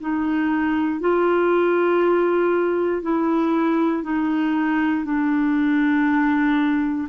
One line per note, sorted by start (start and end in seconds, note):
0.00 1.00 D#4
1.00 3.02 F4
3.02 4.03 E4
4.03 5.04 D#4
5.05 7.08 D4